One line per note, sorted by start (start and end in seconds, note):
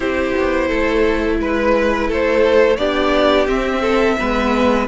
0.00 0.34 C4
0.00 2.76 E4
0.00 0.68 G4
0.00 1.36 C5
0.35 0.70 B3
0.68 1.39 A3
0.68 1.37 A4
1.39 2.09 G#3
1.39 2.11 B4
1.39 2.07 B4
2.07 2.77 A3
2.07 2.77 A4
2.07 2.77 C5
2.77 3.47 B3
2.77 3.47 D4
2.77 3.81 G4
2.77 3.46 D5
3.47 4.17 C4
3.47 4.87 E5
3.81 4.16 A4
4.18 4.88 G#3
4.18 4.88 B3
4.18 4.88 B4